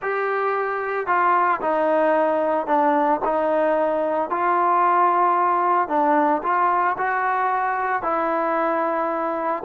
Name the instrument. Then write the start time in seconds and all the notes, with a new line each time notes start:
trombone
0.01 G4
1.06 F4
1.61 D#4
2.66 D4
3.24 D#4
4.30 F4
5.88 D4
6.42 F4
6.97 F#4
8.02 E4